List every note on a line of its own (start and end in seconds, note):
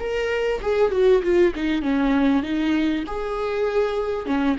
0.00 0.61 A#4
0.62 0.92 G#4
0.92 1.22 F#4
1.24 1.54 F4
1.56 1.83 D#4
1.83 2.44 C#4
2.44 3.05 D#4
3.07 4.26 G#4
4.26 4.57 C#4